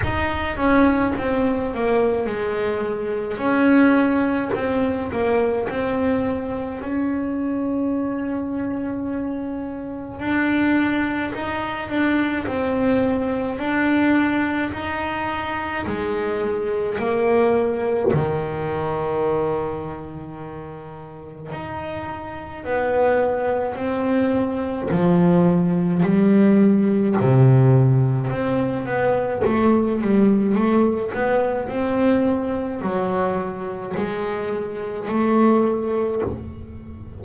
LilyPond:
\new Staff \with { instrumentName = "double bass" } { \time 4/4 \tempo 4 = 53 dis'8 cis'8 c'8 ais8 gis4 cis'4 | c'8 ais8 c'4 cis'2~ | cis'4 d'4 dis'8 d'8 c'4 | d'4 dis'4 gis4 ais4 |
dis2. dis'4 | b4 c'4 f4 g4 | c4 c'8 b8 a8 g8 a8 b8 | c'4 fis4 gis4 a4 | }